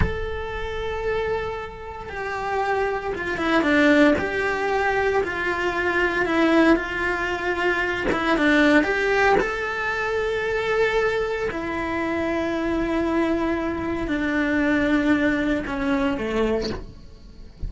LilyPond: \new Staff \with { instrumentName = "cello" } { \time 4/4 \tempo 4 = 115 a'1 | g'2 f'8 e'8 d'4 | g'2 f'2 | e'4 f'2~ f'8 e'8 |
d'4 g'4 a'2~ | a'2 e'2~ | e'2. d'4~ | d'2 cis'4 a4 | }